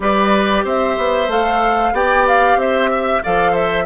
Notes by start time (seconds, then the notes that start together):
0.00 G3 G4 B4 D5
0.64 C4 C5 E5
0.97 B3
1.28 A3 A4 F5
1.92 B3 G4 D5 G5
2.27 F5
2.56 C4 C5 E5
2.90 E5
3.23 F3 A4 D5 F5
3.51 C5 E5